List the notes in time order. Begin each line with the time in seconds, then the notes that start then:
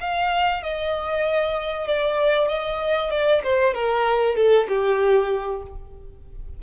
0.00 F5
0.62 D#5
1.87 D5
2.48 D#5
3.11 D5
3.43 C5
3.74 A#4
4.36 A4
4.68 G4